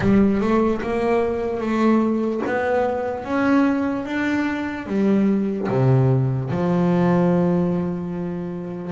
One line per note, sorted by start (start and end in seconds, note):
0.00 0.40 G3
0.40 0.81 A3
0.81 1.60 A#3
1.60 2.41 A3
2.46 3.24 B3
3.24 4.05 C#4
4.05 4.86 D4
4.86 5.67 G3
5.69 6.50 C3
6.50 8.92 F3